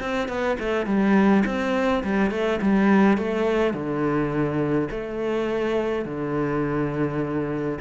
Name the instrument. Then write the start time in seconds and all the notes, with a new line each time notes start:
cello
0.00 C4
0.29 B3
0.60 A3
0.86 G3
1.46 C4
2.04 G3
2.31 A3
2.61 G3
3.18 A3
3.73 D3
4.91 A3
6.05 D3